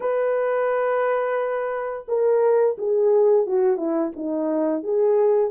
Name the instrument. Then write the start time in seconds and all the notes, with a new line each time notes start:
horn
0.00 B4
2.08 A#4
2.77 G#4
3.46 F#4
3.77 E4
4.16 D#4
4.83 G#4